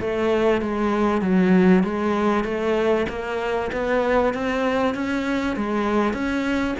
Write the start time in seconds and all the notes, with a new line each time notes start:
0.00 A3
0.61 G#3
1.21 F#3
1.83 G#3
2.44 A3
3.09 A#3
3.72 B3
4.34 C4
4.95 C#4
5.56 G#3
6.13 C#4